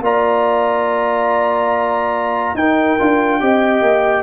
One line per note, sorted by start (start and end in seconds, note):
0.00 2.54 A#3
0.00 2.57 F4
0.00 2.57 D5
0.00 2.56 A#5
2.54 2.96 D#4
2.54 2.99 D#4
2.54 3.41 A#4
2.54 4.23 G5
2.99 3.41 D4
2.99 3.40 F4
3.40 3.81 C4
3.40 4.23 G4
3.40 4.23 D#5
3.81 4.23 A#3